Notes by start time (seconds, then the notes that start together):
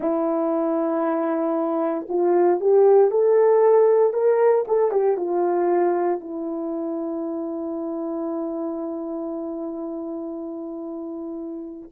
0.00 E4
2.08 F4
2.60 G4
3.10 A4
4.13 A#4
4.67 A4
4.91 G4
5.16 F4
6.20 E4